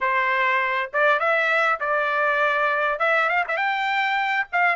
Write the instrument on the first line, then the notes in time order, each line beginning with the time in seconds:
trumpet
0.01 C5
0.93 D5
1.19 E5
1.79 D5
2.99 E5
3.29 F5
3.47 E5
3.56 G5
4.52 F5